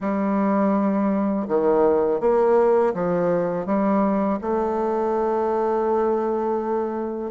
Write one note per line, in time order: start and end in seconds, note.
0.00 1.47 G3
1.48 2.20 D#3
2.20 2.93 A#3
2.94 3.66 F3
3.66 4.39 G3
4.41 7.31 A3